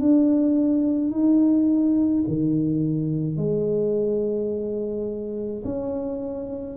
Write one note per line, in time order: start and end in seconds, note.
0.00 1.11 D4
1.11 2.24 D#4
2.27 3.37 D#3
3.37 5.63 G#3
5.64 6.77 C#4